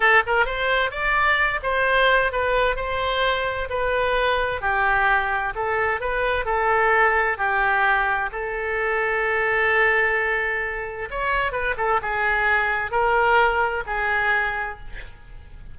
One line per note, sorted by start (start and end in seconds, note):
0.00 0.22 A4
0.26 0.45 A#4
0.45 0.90 C5
0.90 1.59 D5
1.62 2.32 C5
2.32 2.76 B4
2.76 3.68 C5
3.69 4.61 B4
4.61 5.53 G4
5.55 6.00 A4
6.00 6.45 B4
6.45 7.37 A4
7.37 8.30 G4
8.32 11.09 A4
11.10 11.52 C#5
11.52 11.75 B4
11.77 12.00 A4
12.01 12.91 G#4
12.91 13.83 A#4
13.86 14.78 G#4